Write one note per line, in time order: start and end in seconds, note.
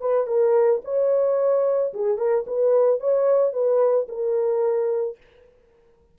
0.00 0.26 B4
0.26 0.81 A#4
0.84 1.93 C#5
1.93 2.17 G#4
2.17 2.44 A#4
2.46 3.00 B4
3.00 3.53 C#5
3.53 4.07 B4
4.08 5.17 A#4